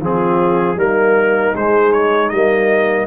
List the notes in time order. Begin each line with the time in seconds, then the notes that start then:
0.00 F3 C4 F4 G#4
0.76 G3 A#3 D#4 A#4
1.56 G#3 C5
1.92 C#5
2.29 G3 A#3 D#5